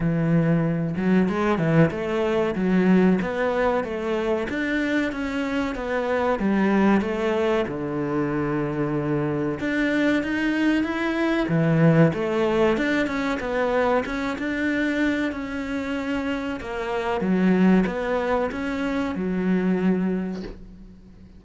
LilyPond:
\new Staff \with { instrumentName = "cello" } { \time 4/4 \tempo 4 = 94 e4. fis8 gis8 e8 a4 | fis4 b4 a4 d'4 | cis'4 b4 g4 a4 | d2. d'4 |
dis'4 e'4 e4 a4 | d'8 cis'8 b4 cis'8 d'4. | cis'2 ais4 fis4 | b4 cis'4 fis2 | }